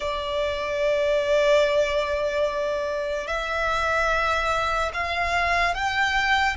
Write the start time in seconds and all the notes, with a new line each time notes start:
0.00 D5
3.27 E5
4.93 F5
5.74 G5